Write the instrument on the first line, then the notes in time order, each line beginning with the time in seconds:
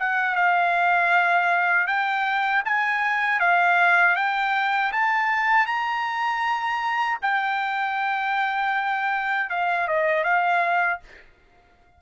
trumpet
0.00 F#5
0.36 F5
1.87 G5
2.65 G#5
3.40 F5
4.16 G5
4.93 A5
5.67 A#5
7.22 G5
9.50 F5
9.88 D#5
10.24 F5